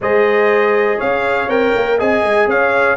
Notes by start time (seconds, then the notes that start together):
0.01 G#3 G#4 C5 D#5
0.98 C#4 C#5 F5
1.47 C4 A#4 G5
1.75 A#3
1.97 C4 G#4 D#5 G#5
2.22 G#3
2.46 C#4 C#5 F5